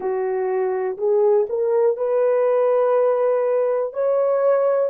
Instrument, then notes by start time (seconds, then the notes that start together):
horn
0.00 F#4
0.97 G#4
1.49 A#4
1.97 B4
3.93 C#5